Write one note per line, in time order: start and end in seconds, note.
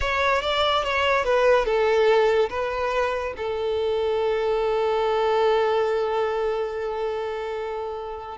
0.00 0.41 C#5
0.41 0.83 D5
0.83 1.24 C#5
1.24 1.65 B4
1.65 2.49 A4
2.49 3.33 B4
3.36 8.37 A4